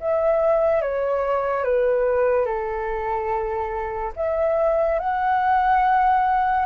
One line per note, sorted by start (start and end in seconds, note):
0.00 0.82 E5
0.82 1.64 C#5
1.64 2.46 B4
2.46 4.12 A4
4.16 5.00 E5
5.00 6.66 F#5